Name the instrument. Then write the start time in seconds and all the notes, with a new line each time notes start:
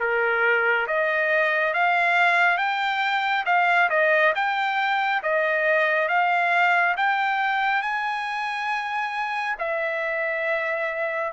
trumpet
0.00 A#4
0.87 D#5
1.74 F5
2.57 G5
3.46 F5
3.90 D#5
4.35 G5
5.23 D#5
6.08 F5
6.96 G5
7.82 G#5
9.59 E5